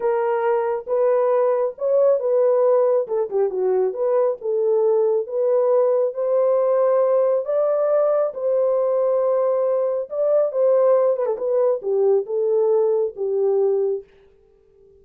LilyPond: \new Staff \with { instrumentName = "horn" } { \time 4/4 \tempo 4 = 137 ais'2 b'2 | cis''4 b'2 a'8 g'8 | fis'4 b'4 a'2 | b'2 c''2~ |
c''4 d''2 c''4~ | c''2. d''4 | c''4. b'16 a'16 b'4 g'4 | a'2 g'2 | }